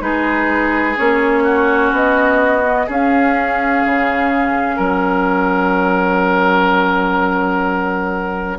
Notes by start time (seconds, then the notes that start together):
0.00 G#3 D#4 G#4 B4
0.96 A#3 C#4 C#5
1.43 F#4
1.92 B3 D#5
2.64 B3
2.87 C#4 G#4 F5
3.85 C#3
4.76 F#3 A#4 F#5